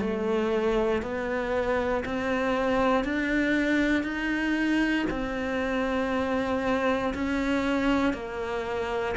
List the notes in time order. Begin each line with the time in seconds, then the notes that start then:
0.00 A3
1.02 B3
2.05 C4
3.04 D4
4.04 D#4
5.10 C4
7.14 C#4
8.13 A#3